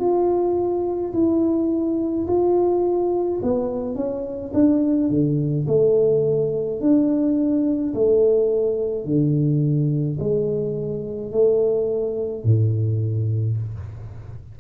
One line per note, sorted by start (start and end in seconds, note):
0.00 1.13 F4
1.14 2.27 E4
2.27 3.41 F4
3.43 3.96 B3
3.96 4.52 C#4
4.54 5.10 D4
5.10 5.67 D3
5.68 6.81 A3
6.81 7.94 D4
7.95 9.05 A3
9.05 10.18 D3
10.20 11.32 G#3
11.32 12.45 A3
12.45 13.58 A2